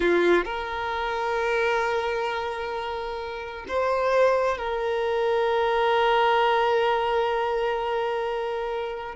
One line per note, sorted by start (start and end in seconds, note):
0.00 0.45 F4
0.45 3.65 A#4
3.68 4.57 C5
4.57 9.15 A#4